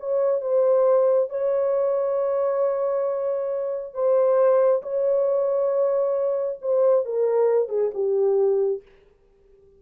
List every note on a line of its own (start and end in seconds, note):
0.00 0.42 C#5
0.42 1.30 C5
1.30 3.94 C#5
3.94 4.82 C5
4.83 6.59 C#5
6.62 7.05 C5
7.05 7.69 A#4
7.69 7.91 G#4
7.94 8.83 G4